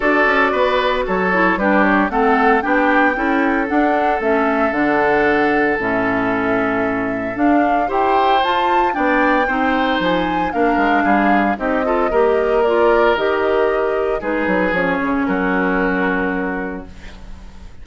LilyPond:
<<
  \new Staff \with { instrumentName = "flute" } { \time 4/4 \tempo 4 = 114 d''2 cis''4 b'8 cis''8 | fis''4 g''2 fis''4 | e''4 fis''2 e''4~ | e''2 f''4 g''4 |
a''4 g''2 gis''4 | f''2 dis''2 | d''4 dis''2 b'4 | cis''4 ais'2. | }
  \new Staff \with { instrumentName = "oboe" } { \time 4/4 a'4 b'4 a'4 g'4 | a'4 g'4 a'2~ | a'1~ | a'2. c''4~ |
c''4 d''4 c''2 | ais'4 gis'4 g'8 a'8 ais'4~ | ais'2. gis'4~ | gis'4 fis'2. | }
  \new Staff \with { instrumentName = "clarinet" } { \time 4/4 fis'2~ fis'8 e'8 d'4 | c'4 d'4 e'4 d'4 | cis'4 d'2 cis'4~ | cis'2 d'4 g'4 |
f'4 d'4 dis'2 | d'2 dis'8 f'8 g'4 | f'4 g'2 dis'4 | cis'1 | }
  \new Staff \with { instrumentName = "bassoon" } { \time 4/4 d'8 cis'8 b4 fis4 g4 | a4 b4 cis'4 d'4 | a4 d2 a,4~ | a,2 d'4 e'4 |
f'4 b4 c'4 f4 | ais8 gis8 g4 c'4 ais4~ | ais4 dis2 gis8 fis8 | f8 cis8 fis2. | }
>>